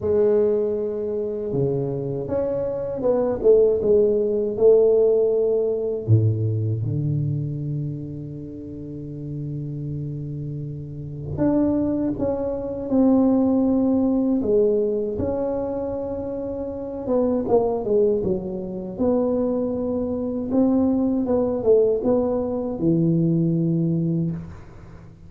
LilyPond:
\new Staff \with { instrumentName = "tuba" } { \time 4/4 \tempo 4 = 79 gis2 cis4 cis'4 | b8 a8 gis4 a2 | a,4 d2.~ | d2. d'4 |
cis'4 c'2 gis4 | cis'2~ cis'8 b8 ais8 gis8 | fis4 b2 c'4 | b8 a8 b4 e2 | }